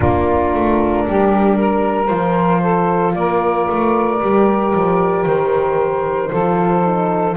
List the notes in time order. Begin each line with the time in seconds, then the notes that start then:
0.00 A#3 D4 F4 A#4
0.54 A3
1.07 G3 G4
1.57 A#4
2.06 F3 F4 C5
2.61 A4
3.14 A#3 A#4 D5
3.68 A3
4.20 G3 G4
4.74 F3
5.25 D#3 C5
6.30 F3 F4 A4
6.83 D#4